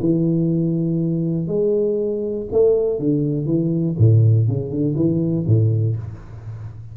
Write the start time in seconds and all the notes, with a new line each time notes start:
0.00 E3
1.47 G#3
2.51 A3
2.99 D3
3.46 E3
3.98 A2
4.48 C#3
4.70 D3
4.95 E3
5.46 A2